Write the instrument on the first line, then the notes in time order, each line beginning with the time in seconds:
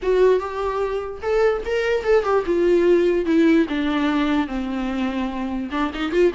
viola
0.02 F#4
0.39 G4
1.22 A4
1.65 A#4
2.03 A4
2.23 G4
2.46 F4
3.25 E4
3.68 D4
4.47 C4
5.71 D4
5.94 D#4
6.12 F4